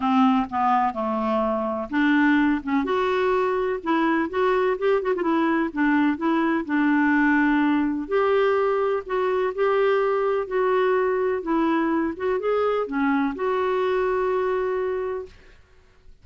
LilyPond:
\new Staff \with { instrumentName = "clarinet" } { \time 4/4 \tempo 4 = 126 c'4 b4 a2 | d'4. cis'8 fis'2 | e'4 fis'4 g'8 fis'16 f'16 e'4 | d'4 e'4 d'2~ |
d'4 g'2 fis'4 | g'2 fis'2 | e'4. fis'8 gis'4 cis'4 | fis'1 | }